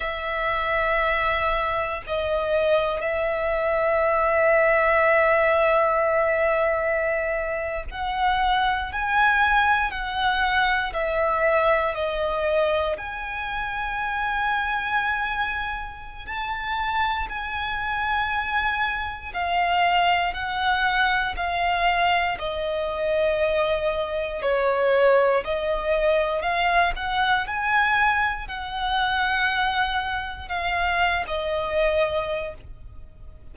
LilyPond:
\new Staff \with { instrumentName = "violin" } { \time 4/4 \tempo 4 = 59 e''2 dis''4 e''4~ | e''2.~ e''8. fis''16~ | fis''8. gis''4 fis''4 e''4 dis''16~ | dis''8. gis''2.~ gis''16 |
a''4 gis''2 f''4 | fis''4 f''4 dis''2 | cis''4 dis''4 f''8 fis''8 gis''4 | fis''2 f''8. dis''4~ dis''16 | }